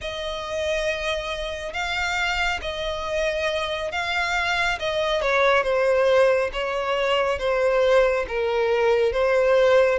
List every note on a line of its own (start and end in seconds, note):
0.01 1.73 D#5
1.73 2.60 F5
2.61 3.91 D#5
3.91 4.78 F5
4.79 5.21 D#5
5.21 5.63 C#5
5.63 6.50 C5
6.52 7.38 C#5
7.38 8.25 C5
8.28 9.12 A#4
9.12 9.98 C5